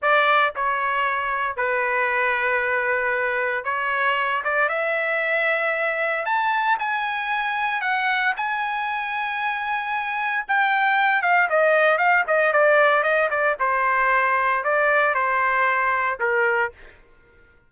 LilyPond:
\new Staff \with { instrumentName = "trumpet" } { \time 4/4 \tempo 4 = 115 d''4 cis''2 b'4~ | b'2. cis''4~ | cis''8 d''8 e''2. | a''4 gis''2 fis''4 |
gis''1 | g''4. f''8 dis''4 f''8 dis''8 | d''4 dis''8 d''8 c''2 | d''4 c''2 ais'4 | }